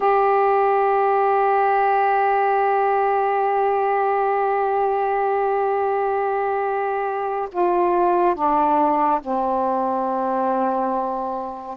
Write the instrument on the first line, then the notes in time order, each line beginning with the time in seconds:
saxophone
0.00 G4
7.52 F4
8.34 D4
9.21 C4